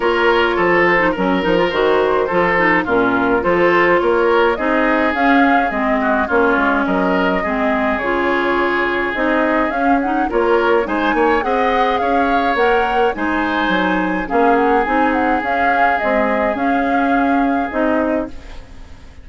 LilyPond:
<<
  \new Staff \with { instrumentName = "flute" } { \time 4/4 \tempo 4 = 105 cis''4. c''8 ais'4 c''4~ | c''4 ais'4 c''4 cis''4 | dis''4 f''4 dis''4 cis''4 | dis''2 cis''2 |
dis''4 f''8 fis''8 cis''4 gis''4 | fis''4 f''4 fis''4 gis''4~ | gis''4 f''8 fis''8 gis''8 fis''8 f''4 | dis''4 f''2 dis''4 | }
  \new Staff \with { instrumentName = "oboe" } { \time 4/4 ais'4 a'4 ais'2 | a'4 f'4 a'4 ais'4 | gis'2~ gis'8 fis'8 f'4 | ais'4 gis'2.~ |
gis'2 ais'4 c''8 cis''8 | dis''4 cis''2 c''4~ | c''4 gis'2.~ | gis'1 | }
  \new Staff \with { instrumentName = "clarinet" } { \time 4/4 f'4.~ f'16 dis'16 cis'8 dis'16 f'16 fis'4 | f'8 dis'8 cis'4 f'2 | dis'4 cis'4 c'4 cis'4~ | cis'4 c'4 f'2 |
dis'4 cis'8 dis'8 f'4 dis'4 | gis'2 ais'4 dis'4~ | dis'4 cis'4 dis'4 cis'4 | gis4 cis'2 dis'4 | }
  \new Staff \with { instrumentName = "bassoon" } { \time 4/4 ais4 f4 fis8 f8 dis4 | f4 ais,4 f4 ais4 | c'4 cis'4 gis4 ais8 gis8 | fis4 gis4 cis2 |
c'4 cis'4 ais4 gis8 ais8 | c'4 cis'4 ais4 gis4 | fis4 ais4 c'4 cis'4 | c'4 cis'2 c'4 | }
>>